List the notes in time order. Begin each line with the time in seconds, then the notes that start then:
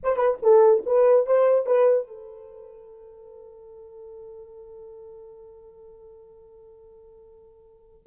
0.03 C5
0.16 B4
0.42 A4
0.85 B4
1.26 C5
1.66 B4
2.07 A4